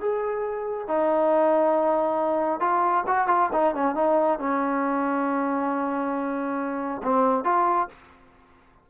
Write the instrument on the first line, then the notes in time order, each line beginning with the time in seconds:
trombone
0.00 G#4
0.88 D#4
2.60 F4
3.07 F#4
3.27 F4
3.53 D#4
3.75 C#4
3.95 D#4
4.39 C#4
7.03 C4
7.44 F4